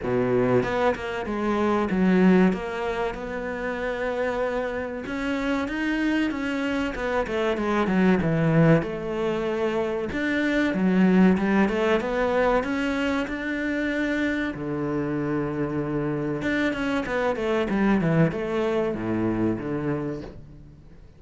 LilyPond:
\new Staff \with { instrumentName = "cello" } { \time 4/4 \tempo 4 = 95 b,4 b8 ais8 gis4 fis4 | ais4 b2. | cis'4 dis'4 cis'4 b8 a8 | gis8 fis8 e4 a2 |
d'4 fis4 g8 a8 b4 | cis'4 d'2 d4~ | d2 d'8 cis'8 b8 a8 | g8 e8 a4 a,4 d4 | }